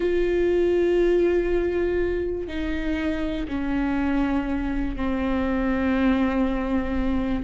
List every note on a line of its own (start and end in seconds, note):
0.00 2.47 F4
2.47 3.46 D#4
3.47 4.96 C#4
4.96 7.43 C4